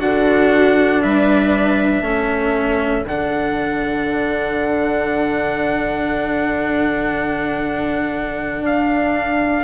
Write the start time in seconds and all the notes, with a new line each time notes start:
0.00 D3 D4 F#4 F#5
1.03 G3 B4 E5
2.01 A3 C#4 A4
3.04 D3 D4 F#5
8.61 D4 F5